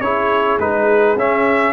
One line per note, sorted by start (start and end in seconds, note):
0.00 0.58 C#4
0.00 0.60 E4
0.00 1.73 G#4
0.00 0.58 C#5
0.59 1.15 G#3
0.59 1.17 D#4
0.59 1.18 B4
1.15 1.73 C#4
1.15 1.73 E5